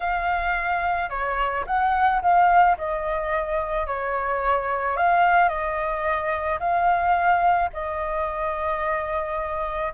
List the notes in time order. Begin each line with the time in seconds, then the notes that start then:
0.00 F5
1.09 C#5
1.66 F#5
2.21 F5
2.77 D#5
3.87 C#5
4.96 F5
5.48 D#5
6.59 F5
7.73 D#5